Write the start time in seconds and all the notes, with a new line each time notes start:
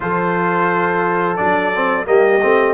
0.00 F3 F4 A4 C5
1.36 F#3 D4 D5
1.75 C4
2.05 G3 A#3 G4 D#5
2.42 A3 C4